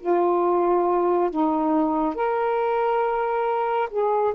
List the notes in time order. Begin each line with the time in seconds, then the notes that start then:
0.00 F4
1.30 D#4
2.15 A#4
3.91 G#4